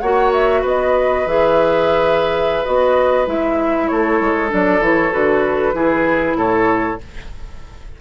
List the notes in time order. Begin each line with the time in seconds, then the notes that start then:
0.00 A#3 F#4 C#5 F#5
0.33 E5
0.62 B3 B4 D#5
1.26 E3 G#4 E5
2.65 B3 F#4 D#5
3.27 G#3 E4 E5
3.88 A3 A4 C#5
4.21 G#3
4.49 F#3 D4 D5
4.80 E3 E4 C#5
5.12 D3 F#4 B4
5.74 E3 E4 G#4
6.36 A2 A4 C#5